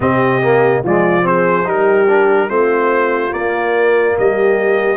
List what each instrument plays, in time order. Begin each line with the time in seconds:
0.00 tuba C3, trombone C4, horn G4, trumpet D#5
0.42 trombone A#3
0.82 tuba F3, trombone G#3, horn F4, trumpet D5
1.22 trombone C4, horn G#4, trumpet C5
1.65 tuba G3, trombone D#4, horn G4, trumpet A#4
2.09 trombone D4
2.49 tuba A3, trombone C4, horn F4, trumpet C5
3.30 trombone A#3, tuba A#3, trumpet D5
4.18 tuba G3, horn G4, trumpet D#5